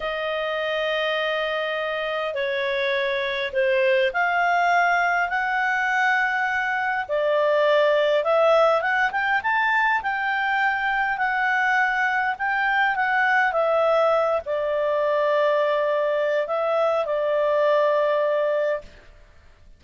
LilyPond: \new Staff \with { instrumentName = "clarinet" } { \time 4/4 \tempo 4 = 102 dis''1 | cis''2 c''4 f''4~ | f''4 fis''2. | d''2 e''4 fis''8 g''8 |
a''4 g''2 fis''4~ | fis''4 g''4 fis''4 e''4~ | e''8 d''2.~ d''8 | e''4 d''2. | }